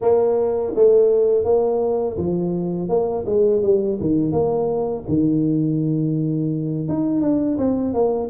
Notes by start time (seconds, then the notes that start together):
0.01 A#3
0.75 A3
1.44 A#3
2.17 F3
2.88 A#3
3.26 G#3
3.62 G3
4.00 D#3
4.32 A#3
5.08 D#3
6.88 D#4
7.21 D4
7.58 C4
7.93 A#3